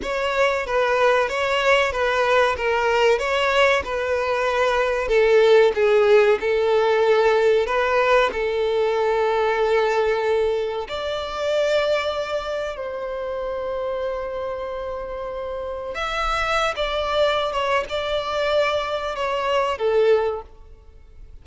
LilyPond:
\new Staff \with { instrumentName = "violin" } { \time 4/4 \tempo 4 = 94 cis''4 b'4 cis''4 b'4 | ais'4 cis''4 b'2 | a'4 gis'4 a'2 | b'4 a'2.~ |
a'4 d''2. | c''1~ | c''4 e''4~ e''16 d''4~ d''16 cis''8 | d''2 cis''4 a'4 | }